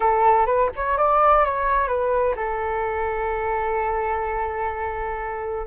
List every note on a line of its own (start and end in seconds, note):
0.00 0.46 A4
0.46 0.69 B4
0.76 0.97 C#5
0.97 1.44 D5
1.44 1.87 C#5
1.87 2.34 B4
2.36 5.66 A4